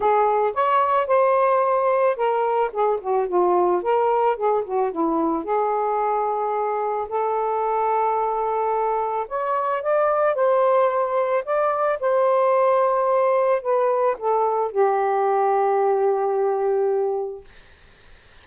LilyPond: \new Staff \with { instrumentName = "saxophone" } { \time 4/4 \tempo 4 = 110 gis'4 cis''4 c''2 | ais'4 gis'8 fis'8 f'4 ais'4 | gis'8 fis'8 e'4 gis'2~ | gis'4 a'2.~ |
a'4 cis''4 d''4 c''4~ | c''4 d''4 c''2~ | c''4 b'4 a'4 g'4~ | g'1 | }